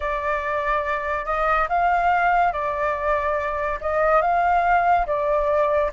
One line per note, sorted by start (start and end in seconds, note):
0.00 1.25 D5
1.25 1.67 D#5
1.69 2.52 F5
2.52 3.79 D5
3.80 4.21 D#5
4.21 5.06 F5
5.06 5.91 D5